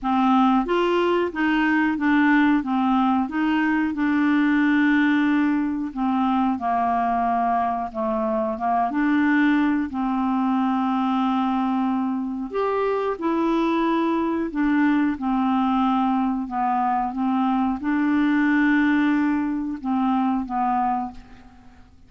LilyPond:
\new Staff \with { instrumentName = "clarinet" } { \time 4/4 \tempo 4 = 91 c'4 f'4 dis'4 d'4 | c'4 dis'4 d'2~ | d'4 c'4 ais2 | a4 ais8 d'4. c'4~ |
c'2. g'4 | e'2 d'4 c'4~ | c'4 b4 c'4 d'4~ | d'2 c'4 b4 | }